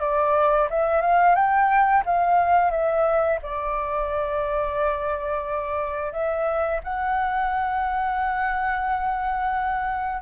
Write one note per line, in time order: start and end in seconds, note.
0.00 0.68 D5
0.70 1.01 E5
1.01 1.35 F5
1.35 2.03 G5
2.05 2.71 F5
2.71 3.39 E5
3.42 6.12 D5
6.12 6.81 E5
6.84 10.22 F#5